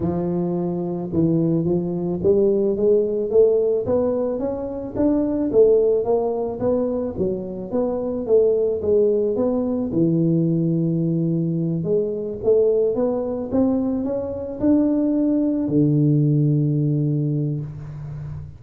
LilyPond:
\new Staff \with { instrumentName = "tuba" } { \time 4/4 \tempo 4 = 109 f2 e4 f4 | g4 gis4 a4 b4 | cis'4 d'4 a4 ais4 | b4 fis4 b4 a4 |
gis4 b4 e2~ | e4. gis4 a4 b8~ | b8 c'4 cis'4 d'4.~ | d'8 d2.~ d8 | }